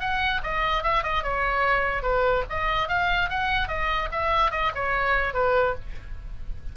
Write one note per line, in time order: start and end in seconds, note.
0.00 0.41 F#5
0.43 0.83 D#5
0.83 1.03 E5
1.03 1.23 D#5
1.23 2.02 C#5
2.02 2.43 B4
2.49 2.88 D#5
2.88 3.29 F5
3.30 3.68 F#5
3.68 4.09 D#5
4.12 4.51 E5
4.51 4.72 D#5
4.75 5.33 C#5
5.33 5.74 B4